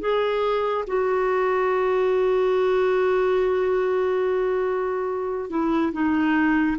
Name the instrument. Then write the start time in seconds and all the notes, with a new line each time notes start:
clarinet
0.00 G#4
0.87 F#4
5.50 E4
5.92 D#4